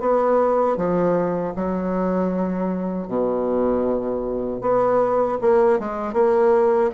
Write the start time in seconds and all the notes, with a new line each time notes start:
0.00 B3
0.77 F3
1.55 F#3
3.08 B2
4.61 B3
5.41 A#3
5.79 G#3
6.13 A#3